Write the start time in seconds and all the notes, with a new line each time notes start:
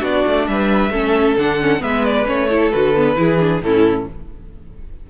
0.00 B3 D4 F#4 D5
0.27 A3
0.48 G3 B4 E5
0.90 A3 C#4 A4
1.37 D3 D4 F#5
1.61 C#4
1.80 G#3 B3 B4 E5
2.05 D5
2.26 A3 C#4 C#5
2.50 E4 A4
2.72 D3 F#4 B4
2.96 B3
3.16 E3 E4 G#4
3.40 D4
3.62 A2 C#4 E4 A4